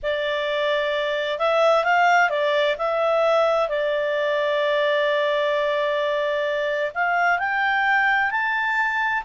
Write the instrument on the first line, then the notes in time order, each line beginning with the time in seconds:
clarinet
0.02 D5
1.38 E5
1.84 F5
2.29 D5
2.78 E5
3.68 D5
6.94 F5
7.38 G5
8.31 A5